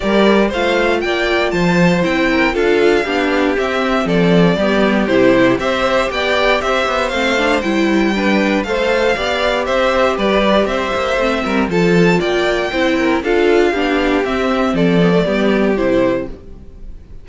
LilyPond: <<
  \new Staff \with { instrumentName = "violin" } { \time 4/4 \tempo 4 = 118 d''4 f''4 g''4 a''4 | g''4 f''2 e''4 | d''2 c''4 e''4 | g''4 e''4 f''4 g''4~ |
g''4 f''2 e''4 | d''4 e''2 a''4 | g''2 f''2 | e''4 d''2 c''4 | }
  \new Staff \with { instrumentName = "violin" } { \time 4/4 ais'4 c''4 d''4 c''4~ | c''8 ais'8 a'4 g'2 | a'4 g'2 c''4 | d''4 c''2. |
b'4 c''4 d''4 c''4 | b'4 c''4. ais'8 a'4 | d''4 c''8 ais'8 a'4 g'4~ | g'4 a'4 g'2 | }
  \new Staff \with { instrumentName = "viola" } { \time 4/4 g'4 f'2. | e'4 f'4 d'4 c'4~ | c'4 b4 e'4 g'4~ | g'2 c'8 d'8 e'4 |
d'4 a'4 g'2~ | g'2 c'4 f'4~ | f'4 e'4 f'4 d'4 | c'4. b16 a16 b4 e'4 | }
  \new Staff \with { instrumentName = "cello" } { \time 4/4 g4 a4 ais4 f4 | c'4 d'4 b4 c'4 | f4 g4 c4 c'4 | b4 c'8 b8 a4 g4~ |
g4 a4 b4 c'4 | g4 c'8 ais8 a8 g8 f4 | ais4 c'4 d'4 b4 | c'4 f4 g4 c4 | }
>>